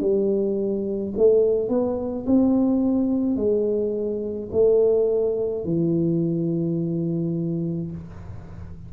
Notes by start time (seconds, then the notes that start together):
0.00 G3
1.17 A3
1.69 B3
2.26 C4
3.36 G#3
4.52 A3
5.64 E3